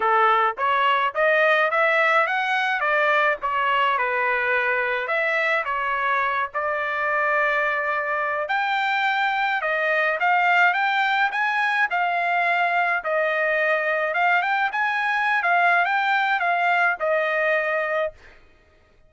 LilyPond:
\new Staff \with { instrumentName = "trumpet" } { \time 4/4 \tempo 4 = 106 a'4 cis''4 dis''4 e''4 | fis''4 d''4 cis''4 b'4~ | b'4 e''4 cis''4. d''8~ | d''2. g''4~ |
g''4 dis''4 f''4 g''4 | gis''4 f''2 dis''4~ | dis''4 f''8 g''8 gis''4~ gis''16 f''8. | g''4 f''4 dis''2 | }